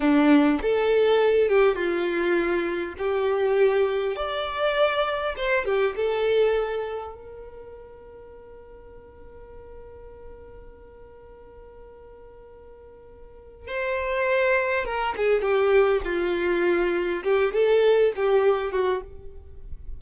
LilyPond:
\new Staff \with { instrumentName = "violin" } { \time 4/4 \tempo 4 = 101 d'4 a'4. g'8 f'4~ | f'4 g'2 d''4~ | d''4 c''8 g'8 a'2 | ais'1~ |
ais'1~ | ais'2. c''4~ | c''4 ais'8 gis'8 g'4 f'4~ | f'4 g'8 a'4 g'4 fis'8 | }